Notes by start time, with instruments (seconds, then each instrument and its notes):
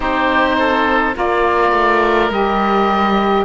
0.00 cello C4, saxophone D#4, oboe G4 C5
0.58 oboe A4
1.13 cello A#3, saxophone F4, oboe A#4 D5
1.72 cello A3
2.29 cello G3, saxophone G4, oboe D#5